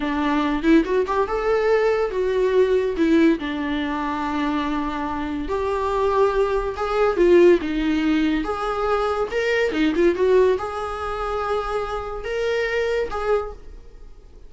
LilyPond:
\new Staff \with { instrumentName = "viola" } { \time 4/4 \tempo 4 = 142 d'4. e'8 fis'8 g'8 a'4~ | a'4 fis'2 e'4 | d'1~ | d'4 g'2. |
gis'4 f'4 dis'2 | gis'2 ais'4 dis'8 f'8 | fis'4 gis'2.~ | gis'4 ais'2 gis'4 | }